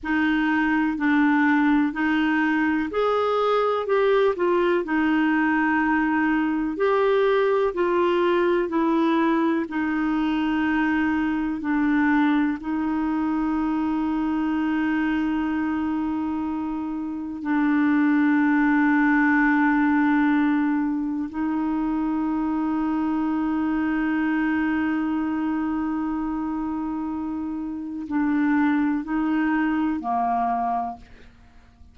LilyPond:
\new Staff \with { instrumentName = "clarinet" } { \time 4/4 \tempo 4 = 62 dis'4 d'4 dis'4 gis'4 | g'8 f'8 dis'2 g'4 | f'4 e'4 dis'2 | d'4 dis'2.~ |
dis'2 d'2~ | d'2 dis'2~ | dis'1~ | dis'4 d'4 dis'4 ais4 | }